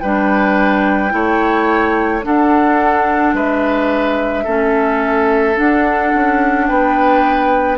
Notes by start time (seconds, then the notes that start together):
0.00 G3 D4 B4 G5
1.10 A3 E4 C#5
2.23 D4 A4 F#5
3.34 G#3 B4 E5
4.44 A3 C#4 A4
5.56 D4 F#5
6.15 C#4
6.67 B3 B4 G5